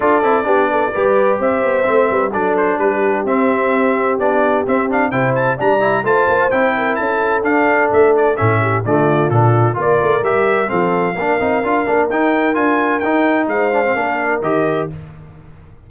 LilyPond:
<<
  \new Staff \with { instrumentName = "trumpet" } { \time 4/4 \tempo 4 = 129 d''2. e''4~ | e''4 d''8 c''8 b'4 e''4~ | e''4 d''4 e''8 f''8 g''8 a''8 | ais''4 a''4 g''4 a''4 |
f''4 e''8 d''8 e''4 d''4 | a'4 d''4 e''4 f''4~ | f''2 g''4 gis''4 | g''4 f''2 dis''4 | }
  \new Staff \with { instrumentName = "horn" } { \time 4/4 a'4 g'8 a'8 b'4 c''4~ | c''8 b'8 a'4 g'2~ | g'2. c''4 | d''4 c''4. ais'8 a'4~ |
a'2~ a'8 g'8 f'4~ | f'4 ais'2 a'4 | ais'1~ | ais'4 c''4 ais'2 | }
  \new Staff \with { instrumentName = "trombone" } { \time 4/4 f'8 e'8 d'4 g'2 | c'4 d'2 c'4~ | c'4 d'4 c'8 d'8 e'4 | d'8 e'8 f'4 e'2 |
d'2 cis'4 a4 | d'4 f'4 g'4 c'4 | d'8 dis'8 f'8 d'8 dis'4 f'4 | dis'4. d'16 c'16 d'4 g'4 | }
  \new Staff \with { instrumentName = "tuba" } { \time 4/4 d'8 c'8 b4 g4 c'8 b8 | a8 g8 fis4 g4 c'4~ | c'4 b4 c'4 c4 | g4 a8 ais8 c'4 cis'4 |
d'4 a4 a,4 d4 | ais,4 ais8 a8 g4 f4 | ais8 c'8 d'8 ais8 dis'4 d'4 | dis'4 gis4 ais4 dis4 | }
>>